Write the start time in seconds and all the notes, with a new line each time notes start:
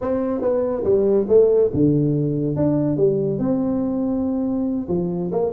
0.01 C4
0.41 B3
0.83 G3
1.28 A3
1.73 D3
2.56 D4
2.96 G3
3.38 C4
4.88 F3
5.31 A#3